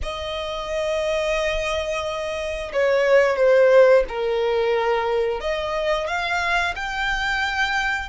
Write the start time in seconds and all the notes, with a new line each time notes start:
0.02 D#5
2.72 C#5
3.36 C5
4.08 A#4
5.40 D#5
6.07 F5
6.75 G5